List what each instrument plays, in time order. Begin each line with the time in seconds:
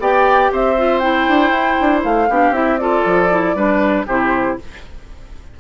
0.00 bassoon B3, clarinet G4, oboe D5, flute G5
0.52 bassoon C4, oboe C5, flute E5
0.78 clarinet F4
0.99 clarinet E4, flute G5
1.29 bassoon D4
1.51 bassoon E4
1.81 bassoon D4
2.04 bassoon A3, flute F5
2.30 bassoon B3, clarinet D4, oboe G4
2.51 bassoon C4, clarinet E4, flute E5
2.78 clarinet F4, oboe A4, flute D5
3.06 bassoon F3
3.31 clarinet E4
3.55 bassoon G3, clarinet D4, oboe B4
4.07 bassoon C3, clarinet E4, oboe G4, flute C5